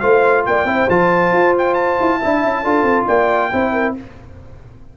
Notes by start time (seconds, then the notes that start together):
0.00 A3 F4 C5 F5
0.46 A#3 D5 G5
0.65 C4 E4 C5
0.90 F3 F4 A5
1.32 F4
1.58 G5
1.74 A5
2.01 E4
2.20 D4 E4 E5
2.45 C#4
2.63 D4 F4 A4
2.83 C4
3.07 A#3 D5 G5
3.52 C4 E4 C5
3.73 A#4